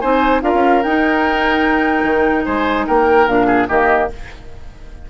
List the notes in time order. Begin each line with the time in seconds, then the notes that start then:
0.00 C4 D#4 C5 G#5
0.42 D4 F4 A#4 F5
0.54 C#4
0.83 D#4 G5
2.04 D#3
2.45 G#3 C5 G#5
2.87 A#3 A#4 G5
3.27 A#2 D4 F5
3.47 G#4
3.69 D#3 A#3 G4 D#5